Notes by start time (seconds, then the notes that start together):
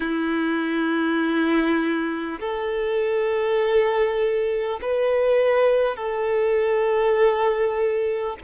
0.00 E4
2.40 A4
4.81 B4
5.96 A4